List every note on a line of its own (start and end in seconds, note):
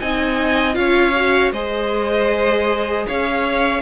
0.00 0.76 C4
0.00 0.74 D#4
0.00 0.78 D#5
0.00 0.75 G#5
0.74 1.51 C#4
0.74 1.12 F4
0.74 1.52 C#5
0.74 1.52 F5
1.15 1.53 F#4
1.51 3.05 G#3
1.51 3.82 G#4
1.51 3.06 C5
1.51 3.06 D#5
3.07 3.82 C#4
3.07 3.82 C#5
3.07 3.82 F5